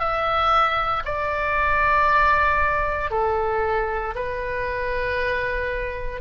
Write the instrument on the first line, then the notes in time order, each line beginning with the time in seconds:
oboe
0.00 E5
1.05 D5
3.11 A4
4.15 B4